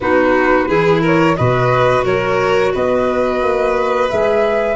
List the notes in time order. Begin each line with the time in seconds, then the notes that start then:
0.00 B3 D#4 F#4 B4
0.68 E3 E4 G#4
1.01 A#4 C#5
1.36 B2 F#4 B4 D#5
2.04 F#3 A#4 C#5
2.73 B3 B4 D#5
3.42 A#3
4.09 G#3 G#4 E5